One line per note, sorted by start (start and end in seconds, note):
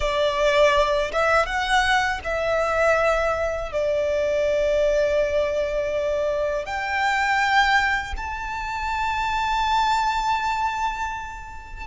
0.00 1.11 D5
1.12 1.46 E5
1.46 2.20 F#5
2.24 3.72 E5
3.72 6.65 D5
6.65 8.13 G5
8.16 11.87 A5